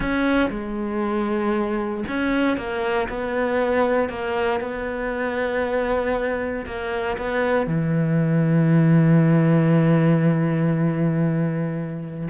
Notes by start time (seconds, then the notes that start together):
0.00 C#4
0.50 G#3
2.08 C#4
2.57 A#3
3.09 B3
4.09 A#3
4.60 B3
6.65 A#3
7.17 B3
7.67 E3